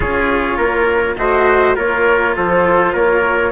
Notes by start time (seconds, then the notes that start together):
0.00 C#4 F4 G#4 C#5
0.57 A#3 A#4
1.16 A3 F#4 C5 D#5
1.75 A#3 F4 A#4 C#5
2.35 F3 A4 C5
2.92 A#3 A#4 C#5